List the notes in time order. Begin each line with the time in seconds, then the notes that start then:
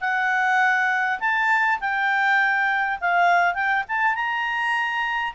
0.00 F#5
1.20 A5
1.80 G5
3.00 F5
3.54 G5
3.88 A5
4.15 A#5